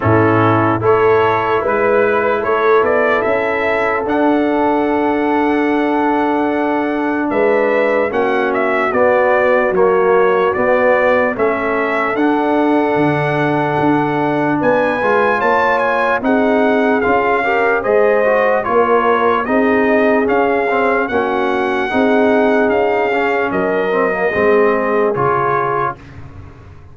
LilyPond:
<<
  \new Staff \with { instrumentName = "trumpet" } { \time 4/4 \tempo 4 = 74 a'4 cis''4 b'4 cis''8 d''8 | e''4 fis''2.~ | fis''4 e''4 fis''8 e''8 d''4 | cis''4 d''4 e''4 fis''4~ |
fis''2 gis''4 a''8 gis''8 | fis''4 f''4 dis''4 cis''4 | dis''4 f''4 fis''2 | f''4 dis''2 cis''4 | }
  \new Staff \with { instrumentName = "horn" } { \time 4/4 e'4 a'4 b'4 a'4~ | a'1~ | a'4 b'4 fis'2~ | fis'2 a'2~ |
a'2 b'4 cis''4 | gis'4. ais'8 c''4 ais'4 | gis'2 fis'4 gis'4~ | gis'4 ais'4 gis'2 | }
  \new Staff \with { instrumentName = "trombone" } { \time 4/4 cis'4 e'2.~ | e'4 d'2.~ | d'2 cis'4 b4 | ais4 b4 cis'4 d'4~ |
d'2~ d'8 f'4. | dis'4 f'8 g'8 gis'8 fis'8 f'4 | dis'4 cis'8 c'8 cis'4 dis'4~ | dis'8 cis'4 c'16 ais16 c'4 f'4 | }
  \new Staff \with { instrumentName = "tuba" } { \time 4/4 a,4 a4 gis4 a8 b8 | cis'4 d'2.~ | d'4 gis4 ais4 b4 | fis4 b4 a4 d'4 |
d4 d'4 b8 gis8 ais4 | c'4 cis'4 gis4 ais4 | c'4 cis'4 ais4 c'4 | cis'4 fis4 gis4 cis4 | }
>>